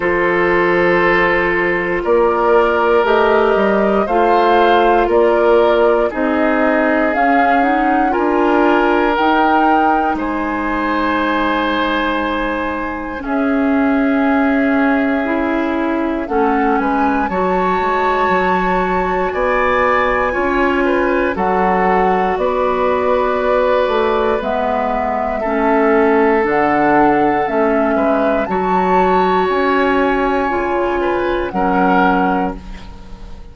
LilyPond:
<<
  \new Staff \with { instrumentName = "flute" } { \time 4/4 \tempo 4 = 59 c''2 d''4 dis''4 | f''4 d''4 dis''4 f''8 fis''8 | gis''4 g''4 gis''2~ | gis''4 e''2. |
fis''8 gis''8 a''2 gis''4~ | gis''4 fis''4 d''2 | e''2 fis''4 e''4 | a''4 gis''2 fis''4 | }
  \new Staff \with { instrumentName = "oboe" } { \time 4/4 a'2 ais'2 | c''4 ais'4 gis'2 | ais'2 c''2~ | c''4 gis'2. |
a'8 b'8 cis''2 d''4 | cis''8 b'8 a'4 b'2~ | b'4 a'2~ a'8 b'8 | cis''2~ cis''8 b'8 ais'4 | }
  \new Staff \with { instrumentName = "clarinet" } { \time 4/4 f'2. g'4 | f'2 dis'4 cis'8 dis'8 | f'4 dis'2.~ | dis'4 cis'2 e'4 |
cis'4 fis'2. | f'4 fis'2. | b4 cis'4 d'4 cis'4 | fis'2 f'4 cis'4 | }
  \new Staff \with { instrumentName = "bassoon" } { \time 4/4 f2 ais4 a8 g8 | a4 ais4 c'4 cis'4 | d'4 dis'4 gis2~ | gis4 cis'2. |
a8 gis8 fis8 gis8 fis4 b4 | cis'4 fis4 b4. a8 | gis4 a4 d4 a8 gis8 | fis4 cis'4 cis4 fis4 | }
>>